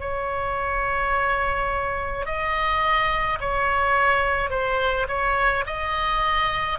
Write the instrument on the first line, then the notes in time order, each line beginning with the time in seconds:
oboe
0.00 C#5
2.25 D#5
3.40 C#5
4.50 C5
5.08 C#5
5.66 D#5